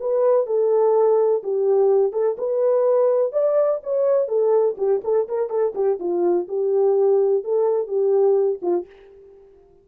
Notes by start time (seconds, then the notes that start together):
0.00 B4
0.46 A4
1.43 G4
2.12 A4
2.38 B4
3.32 D5
3.83 C#5
4.28 A4
4.77 G4
5.04 A4
5.28 A#4
5.49 A4
5.75 G4
5.99 F4
6.48 G4
7.44 A4
7.87 G4
8.62 F4